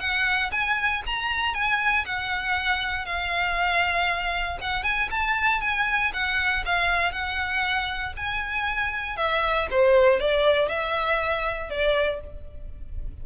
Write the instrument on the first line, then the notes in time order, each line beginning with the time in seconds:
violin
0.00 F#5
0.52 G#5
1.06 A#5
1.54 G#5
2.06 F#5
3.06 F5
4.61 F#5
4.84 G#5
5.11 A5
5.61 G#5
6.13 F#5
6.66 F5
7.12 F#5
8.17 G#5
9.17 E5
9.71 C5
10.20 D5
10.69 E5
11.70 D5